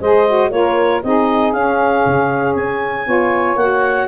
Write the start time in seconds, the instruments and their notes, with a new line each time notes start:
0.00 tuba G#3, saxophone G#4 C5, clarinet D#5
0.27 saxophone F#4
0.51 tuba A#3, saxophone F4 A#4, clarinet C#5
1.03 tuba C4, saxophone D#4 G#4, clarinet D#5
1.53 tuba C#4, saxophone C#4, clarinet F5
2.06 tuba C#3
2.56 tuba C#4, clarinet G#5
3.06 tuba B3, saxophone F4 C#5
3.56 tuba A#3, saxophone F#4, clarinet F#5